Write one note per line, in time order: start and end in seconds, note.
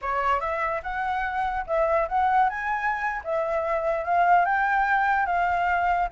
0.01 0.40 C#5
0.40 0.81 E5
0.82 1.65 F#5
1.66 2.08 E5
2.08 2.49 F#5
2.49 3.21 G#5
3.24 4.04 E5
4.04 4.45 F5
4.45 5.26 G5
5.26 6.08 F5